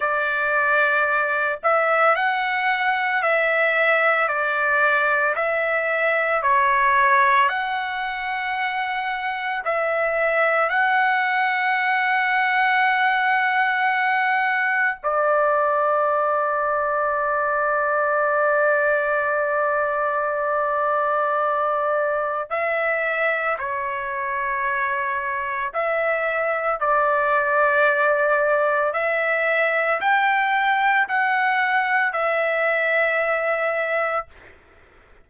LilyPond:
\new Staff \with { instrumentName = "trumpet" } { \time 4/4 \tempo 4 = 56 d''4. e''8 fis''4 e''4 | d''4 e''4 cis''4 fis''4~ | fis''4 e''4 fis''2~ | fis''2 d''2~ |
d''1~ | d''4 e''4 cis''2 | e''4 d''2 e''4 | g''4 fis''4 e''2 | }